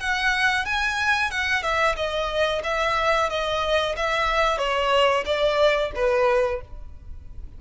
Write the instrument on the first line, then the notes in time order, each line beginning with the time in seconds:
violin
0.00 F#5
0.65 G#5
1.31 F#5
1.63 E5
1.96 D#5
2.64 E5
3.30 D#5
3.96 E5
4.58 C#5
5.26 D5
5.96 B4